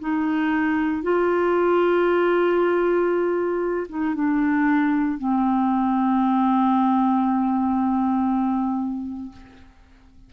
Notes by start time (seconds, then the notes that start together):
0.00 D#4
1.03 F4
3.89 D#4
4.15 D4
5.18 C4